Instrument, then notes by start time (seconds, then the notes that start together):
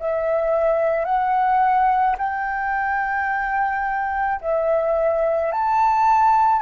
flute
0.00 E5
1.05 F#5
2.19 G5
4.41 E5
5.53 A5